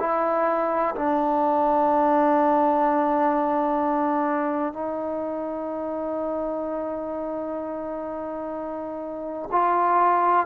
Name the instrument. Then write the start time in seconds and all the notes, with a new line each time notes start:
trombone
0.00 E4
0.95 D4
4.74 D#4
9.52 F4